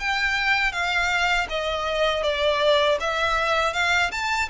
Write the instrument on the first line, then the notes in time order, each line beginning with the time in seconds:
violin
0.00 G5
0.72 F5
1.50 D#5
2.23 D5
3.00 E5
3.74 F5
4.12 A5